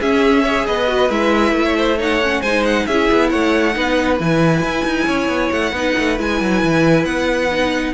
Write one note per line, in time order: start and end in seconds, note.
0.00 0.68 C#4
0.00 0.46 C#4
0.00 0.44 G#4
0.00 0.67 E5
0.44 0.87 G#4
0.44 0.66 C#5
0.67 1.10 B3
0.67 1.66 B4
0.67 1.11 D#5
0.87 1.09 F#4
1.10 1.52 G#3
1.10 1.98 E4
1.10 1.99 E5
1.52 2.41 A3
1.66 1.77 C#5
1.77 1.99 C5
1.98 2.20 D#4
1.98 2.42 C#5
1.98 2.42 F#5
2.23 2.45 C#4
2.42 2.87 G#3
2.42 2.91 D#4
2.42 2.86 C5
2.42 2.64 G#5
2.65 2.87 F#5
2.87 3.09 C#4
2.87 3.74 E4
2.87 3.30 G#4
2.87 3.30 E5
3.12 3.34 B3
3.30 3.76 A3
3.30 3.75 C#5
3.30 4.18 F#5
3.74 4.20 B3
3.74 4.18 D#4
3.74 5.07 B4
4.19 4.63 E3
4.19 5.74 E4
4.19 5.52 G#5
4.63 4.85 E4
4.85 5.07 D#4
5.07 5.28 C#4
5.07 5.73 C#5
5.28 5.51 B3
5.52 5.73 A3
5.52 6.18 F#5
5.73 5.95 B3
5.73 6.17 D#4
5.73 7.94 B4
5.99 6.20 A3
6.17 6.41 G#3
6.17 7.50 E4
6.17 7.06 G#5
6.41 6.64 F#3
6.64 7.05 E3
7.05 7.93 B3
7.05 7.94 F#5
7.52 7.94 D#4